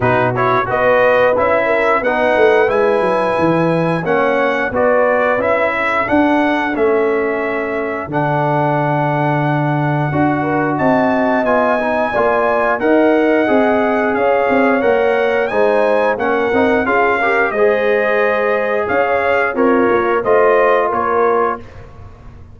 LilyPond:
<<
  \new Staff \with { instrumentName = "trumpet" } { \time 4/4 \tempo 4 = 89 b'8 cis''8 dis''4 e''4 fis''4 | gis''2 fis''4 d''4 | e''4 fis''4 e''2 | fis''1 |
a''4 gis''2 fis''4~ | fis''4 f''4 fis''4 gis''4 | fis''4 f''4 dis''2 | f''4 cis''4 dis''4 cis''4 | }
  \new Staff \with { instrumentName = "horn" } { \time 4/4 fis'4 b'4. ais'8 b'4~ | b'2 cis''4 b'4~ | b'8 a'2.~ a'8~ | a'2.~ a'8 ais'8 |
dis''2 d''4 dis''4~ | dis''4 cis''2 c''4 | ais'4 gis'8 ais'8 c''2 | cis''4 f'4 c''4 ais'4 | }
  \new Staff \with { instrumentName = "trombone" } { \time 4/4 dis'8 e'8 fis'4 e'4 dis'4 | e'2 cis'4 fis'4 | e'4 d'4 cis'2 | d'2. fis'4~ |
fis'4 f'8 dis'8 f'4 ais'4 | gis'2 ais'4 dis'4 | cis'8 dis'8 f'8 g'8 gis'2~ | gis'4 ais'4 f'2 | }
  \new Staff \with { instrumentName = "tuba" } { \time 4/4 b,4 b4 cis'4 b8 a8 | gis8 fis8 e4 ais4 b4 | cis'4 d'4 a2 | d2. d'4 |
c'4 b4 ais4 dis'4 | c'4 cis'8 c'8 ais4 gis4 | ais8 c'8 cis'4 gis2 | cis'4 c'8 ais8 a4 ais4 | }
>>